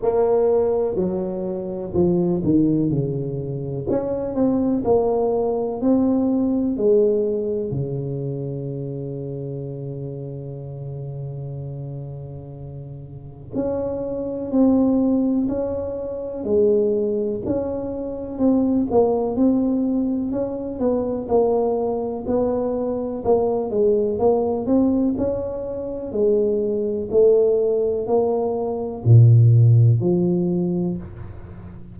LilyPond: \new Staff \with { instrumentName = "tuba" } { \time 4/4 \tempo 4 = 62 ais4 fis4 f8 dis8 cis4 | cis'8 c'8 ais4 c'4 gis4 | cis1~ | cis2 cis'4 c'4 |
cis'4 gis4 cis'4 c'8 ais8 | c'4 cis'8 b8 ais4 b4 | ais8 gis8 ais8 c'8 cis'4 gis4 | a4 ais4 ais,4 f4 | }